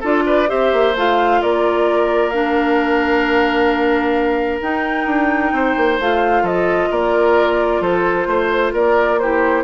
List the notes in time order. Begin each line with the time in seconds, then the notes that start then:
0.00 D4 F4 A4 D5
0.26 B4
0.47 C4 G4 C5 E5
0.72 A#3
0.95 A3 F4 F5
1.42 A#3 A#4 D5
2.30 D4 F5
4.61 D#4 G5
5.06 D4
5.52 C4 C5
5.77 A#3
5.99 A3 F4 F5
6.42 F3 A4 D#5
6.90 A#3 A#4 D5
7.80 F3 A4 C5
8.26 A3 C5
8.72 A#3 A#4 D5
9.19 E4 G4 C5